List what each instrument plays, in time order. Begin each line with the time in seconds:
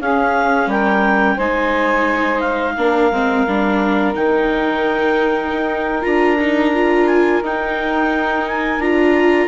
0.00 bassoon C#4, viola C#4, saxophone G#4, clarinet F5
0.67 bassoon G3, saxophone A#4, clarinet G5
1.36 bassoon G#3, viola D#4, saxophone C5, clarinet G#5
2.40 clarinet F5
2.77 bassoon A#3, viola D4, saxophone A#4
3.11 bassoon G#3, viola C4
3.47 bassoon G3, viola D4
4.14 bassoon D#3, viola D#4, clarinet G5
5.52 bassoon D#4
6.02 bassoon D4, viola F4, clarinet A#5
6.40 viola D#4
6.74 viola F4
7.07 clarinet G#5
7.42 bassoon D#4, viola D#4, clarinet G5
8.48 clarinet G#5
8.79 bassoon D4, viola F4, clarinet A#5